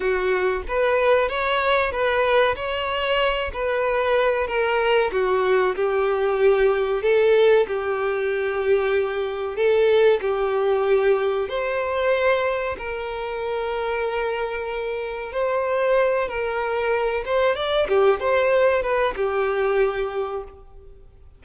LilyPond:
\new Staff \with { instrumentName = "violin" } { \time 4/4 \tempo 4 = 94 fis'4 b'4 cis''4 b'4 | cis''4. b'4. ais'4 | fis'4 g'2 a'4 | g'2. a'4 |
g'2 c''2 | ais'1 | c''4. ais'4. c''8 d''8 | g'8 c''4 b'8 g'2 | }